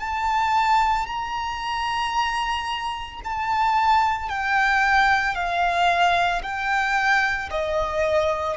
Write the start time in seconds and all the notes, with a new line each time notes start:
0.00 A5
1.07 A#5
3.24 A5
4.29 G5
5.35 F5
6.43 G5
7.51 D#5